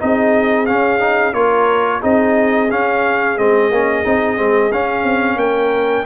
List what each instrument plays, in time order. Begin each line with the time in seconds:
0.00 tuba C4, trombone D#4, horn G#4, trumpet D#5
0.67 trombone C#4, tuba C#4, trumpet F5
1.00 trombone D#4
1.34 tuba A#3, trombone F4, horn A#4, trumpet C#5
2.01 tuba C4, trombone D#4, horn G#4, trumpet D#5
2.71 tuba C#4, trombone C#4, trumpet F5
3.38 tuba G#3, trombone C4, trumpet D#5
3.72 tuba A#3, trombone C#4
4.04 tuba C4, trombone D#4
4.38 tuba G#3, trombone C4
4.72 tuba C#4, trombone C#4, trumpet F5
5.04 tuba C4
5.37 tuba A#3, horn A#4, trumpet G5